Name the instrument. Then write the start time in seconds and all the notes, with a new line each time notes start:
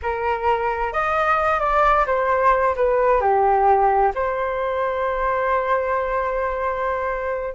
flute
0.02 A#4
0.92 D#5
1.59 D5
2.06 C5
2.76 B4
3.20 G4
4.14 C5